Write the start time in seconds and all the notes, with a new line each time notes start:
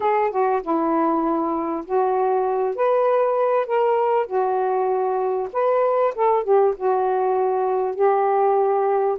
0.00 G#4
0.31 F#4
0.62 E4
1.85 F#4
2.76 B4
3.66 A#4
4.26 F#4
5.52 B4
6.15 A4
6.43 G4
6.76 F#4
7.95 G4